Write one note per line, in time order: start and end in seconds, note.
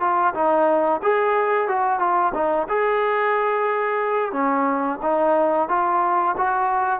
0.00 0.33 F4
0.34 1.01 D#4
1.03 1.68 G#4
1.68 1.99 F#4
1.99 2.33 F4
2.34 2.67 D#4
2.68 4.32 G#4
4.32 4.99 C#4
5.02 5.68 D#4
5.68 6.35 F4
6.37 7.00 F#4